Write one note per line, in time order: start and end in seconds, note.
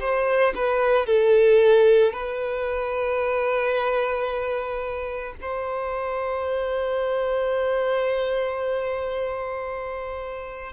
0.00 0.54 C5
0.55 1.06 B4
1.06 2.13 A4
2.13 5.34 B4
5.41 10.72 C5